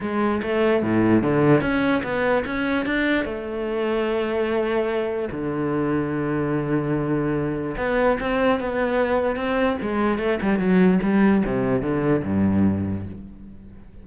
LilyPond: \new Staff \with { instrumentName = "cello" } { \time 4/4 \tempo 4 = 147 gis4 a4 a,4 d4 | cis'4 b4 cis'4 d'4 | a1~ | a4 d2.~ |
d2. b4 | c'4 b2 c'4 | gis4 a8 g8 fis4 g4 | c4 d4 g,2 | }